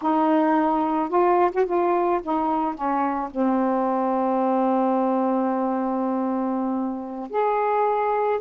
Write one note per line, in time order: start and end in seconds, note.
0.01 1.09 D#4
1.09 1.50 F4
1.51 1.65 F#4
1.65 2.20 F4
2.22 2.74 D#4
2.74 3.29 C#4
3.31 7.30 C4
7.30 8.40 G#4